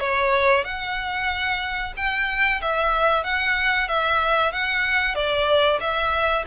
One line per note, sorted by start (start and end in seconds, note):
0.00 0.65 C#5
0.65 1.94 F#5
1.97 2.61 G5
2.62 3.24 E5
3.24 3.88 F#5
3.88 4.52 E5
4.52 5.15 F#5
5.15 5.80 D5
5.80 6.45 E5